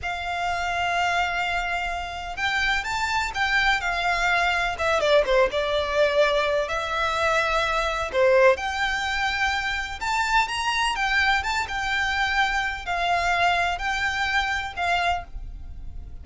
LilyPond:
\new Staff \with { instrumentName = "violin" } { \time 4/4 \tempo 4 = 126 f''1~ | f''4 g''4 a''4 g''4 | f''2 e''8 d''8 c''8 d''8~ | d''2 e''2~ |
e''4 c''4 g''2~ | g''4 a''4 ais''4 g''4 | a''8 g''2~ g''8 f''4~ | f''4 g''2 f''4 | }